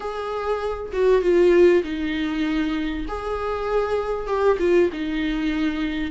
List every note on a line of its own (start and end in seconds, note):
0.00 0.92 G#4
0.92 1.21 F#4
1.21 1.82 F4
1.83 3.06 D#4
3.08 4.27 G#4
4.27 4.57 G4
4.59 4.90 F4
4.92 6.11 D#4